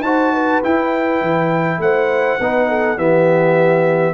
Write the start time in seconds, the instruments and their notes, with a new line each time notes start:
0.00 tuba D#4, trombone F#4, horn C5, trumpet A5
0.32 horn B4
0.63 trombone E4, tuba E4, trumpet G5
1.21 tuba E3
1.79 tuba A3, horn C5, trumpet F#5
2.40 tuba B3, trombone D#4, horn B4
2.69 horn A4
2.97 tuba E3, trombone B3, horn G4, trumpet E5